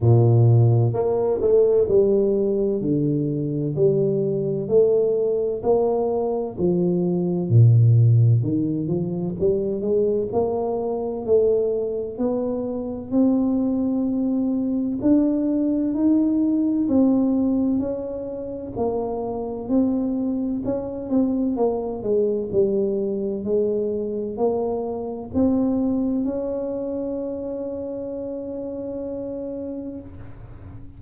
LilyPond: \new Staff \with { instrumentName = "tuba" } { \time 4/4 \tempo 4 = 64 ais,4 ais8 a8 g4 d4 | g4 a4 ais4 f4 | ais,4 dis8 f8 g8 gis8 ais4 | a4 b4 c'2 |
d'4 dis'4 c'4 cis'4 | ais4 c'4 cis'8 c'8 ais8 gis8 | g4 gis4 ais4 c'4 | cis'1 | }